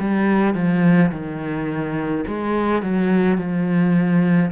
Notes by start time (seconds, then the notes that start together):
0.00 G3
0.55 F3
1.12 D#3
2.27 G#3
2.83 F#3
3.38 F3